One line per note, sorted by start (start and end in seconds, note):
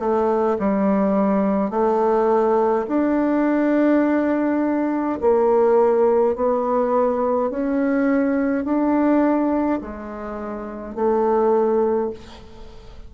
0.00 0.58 A3
0.59 1.70 G3
1.70 2.86 A3
2.88 5.19 D4
5.21 6.36 A#3
6.36 7.51 B3
7.51 8.65 C#4
8.65 9.80 D4
9.81 10.95 G#3
10.95 12.10 A3